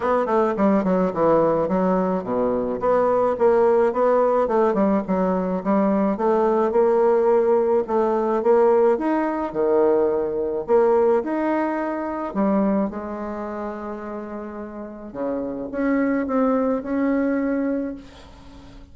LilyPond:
\new Staff \with { instrumentName = "bassoon" } { \time 4/4 \tempo 4 = 107 b8 a8 g8 fis8 e4 fis4 | b,4 b4 ais4 b4 | a8 g8 fis4 g4 a4 | ais2 a4 ais4 |
dis'4 dis2 ais4 | dis'2 g4 gis4~ | gis2. cis4 | cis'4 c'4 cis'2 | }